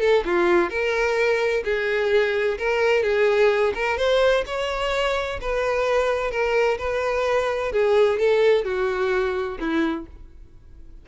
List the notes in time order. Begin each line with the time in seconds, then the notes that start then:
0.00 A4
0.25 F4
0.69 A#4
1.64 G#4
2.58 A#4
3.03 G#4
3.74 A#4
3.97 C5
4.46 C#5
5.41 B4
6.31 A#4
6.78 B4
7.72 G#4
8.19 A4
8.64 F#4
9.59 E4